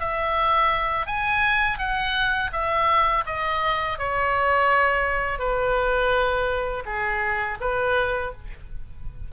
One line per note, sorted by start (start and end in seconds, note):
0.00 1.07 E5
1.07 1.79 G#5
1.79 2.51 F#5
2.53 3.25 E5
3.26 3.99 D#5
3.99 5.39 C#5
5.39 6.84 B4
6.86 7.58 G#4
7.61 8.33 B4